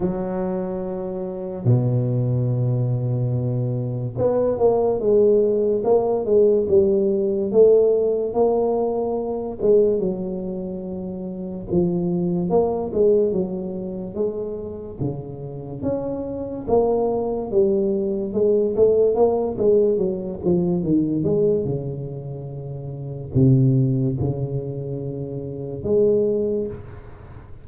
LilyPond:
\new Staff \with { instrumentName = "tuba" } { \time 4/4 \tempo 4 = 72 fis2 b,2~ | b,4 b8 ais8 gis4 ais8 gis8 | g4 a4 ais4. gis8 | fis2 f4 ais8 gis8 |
fis4 gis4 cis4 cis'4 | ais4 g4 gis8 a8 ais8 gis8 | fis8 f8 dis8 gis8 cis2 | c4 cis2 gis4 | }